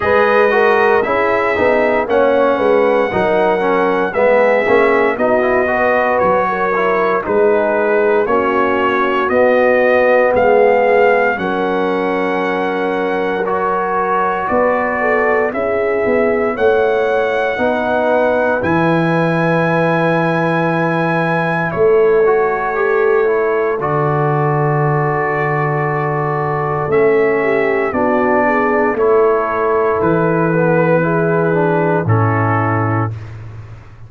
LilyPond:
<<
  \new Staff \with { instrumentName = "trumpet" } { \time 4/4 \tempo 4 = 58 dis''4 e''4 fis''2 | e''4 dis''4 cis''4 b'4 | cis''4 dis''4 f''4 fis''4~ | fis''4 cis''4 d''4 e''4 |
fis''2 gis''2~ | gis''4 cis''2 d''4~ | d''2 e''4 d''4 | cis''4 b'2 a'4 | }
  \new Staff \with { instrumentName = "horn" } { \time 4/4 b'8 ais'8 gis'4 cis''8 b'8 ais'4 | gis'4 fis'8 b'8. ais'8. gis'4 | fis'2 gis'4 ais'4~ | ais'2 b'8 a'8 gis'4 |
cis''4 b'2.~ | b'4 a'2.~ | a'2~ a'8 g'8 fis'8 gis'8 | a'2 gis'4 e'4 | }
  \new Staff \with { instrumentName = "trombone" } { \time 4/4 gis'8 fis'8 e'8 dis'8 cis'4 dis'8 cis'8 | b8 cis'8 dis'16 e'16 fis'4 e'8 dis'4 | cis'4 b2 cis'4~ | cis'4 fis'2 e'4~ |
e'4 dis'4 e'2~ | e'4. fis'8 g'8 e'8 fis'4~ | fis'2 cis'4 d'4 | e'4. b8 e'8 d'8 cis'4 | }
  \new Staff \with { instrumentName = "tuba" } { \time 4/4 gis4 cis'8 b8 ais8 gis8 fis4 | gis8 ais8 b4 fis4 gis4 | ais4 b4 gis4 fis4~ | fis2 b4 cis'8 b8 |
a4 b4 e2~ | e4 a2 d4~ | d2 a4 b4 | a4 e2 a,4 | }
>>